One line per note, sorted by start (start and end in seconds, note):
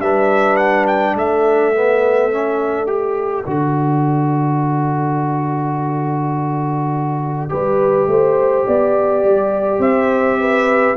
0.00 1.15 G3
0.00 1.75 D4
0.00 1.17 B4
0.00 0.56 E5
0.56 0.85 F#5
0.87 1.16 G5
1.15 3.45 A3
1.15 7.52 A4
1.15 2.89 E5
1.75 2.32 B3
2.32 2.87 C#4
2.87 3.44 G4
2.87 9.81 D5
3.47 7.51 D3
3.47 7.50 F#4
7.50 8.07 G3
7.50 10.96 G4
7.50 8.09 B4
8.07 8.65 A3
8.07 8.67 C5
8.67 9.24 B3
8.67 9.81 D5
9.24 9.79 G3
9.79 10.94 C4
9.79 10.38 C5
9.79 10.97 E5
10.41 10.97 B4